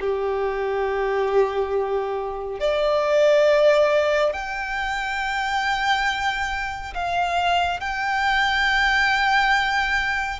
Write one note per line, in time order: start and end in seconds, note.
0.00 2.59 G4
2.59 4.32 D5
4.32 6.93 G5
6.94 7.80 F5
7.80 10.39 G5